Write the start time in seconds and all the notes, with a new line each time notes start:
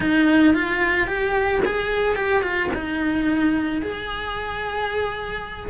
0.00 D#4
0.54 F4
1.07 G4
1.65 G#4
2.15 G4
2.42 F4
2.73 D#4
3.82 G#4